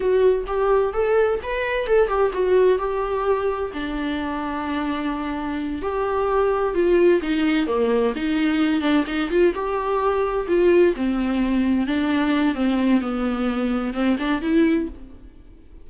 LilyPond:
\new Staff \with { instrumentName = "viola" } { \time 4/4 \tempo 4 = 129 fis'4 g'4 a'4 b'4 | a'8 g'8 fis'4 g'2 | d'1~ | d'8 g'2 f'4 dis'8~ |
dis'8 ais4 dis'4. d'8 dis'8 | f'8 g'2 f'4 c'8~ | c'4. d'4. c'4 | b2 c'8 d'8 e'4 | }